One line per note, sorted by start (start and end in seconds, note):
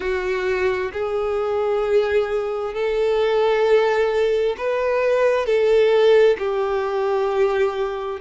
0.00 0.91 F#4
0.92 2.74 G#4
2.74 4.55 A4
4.57 5.45 B4
5.45 6.36 A4
6.38 8.20 G4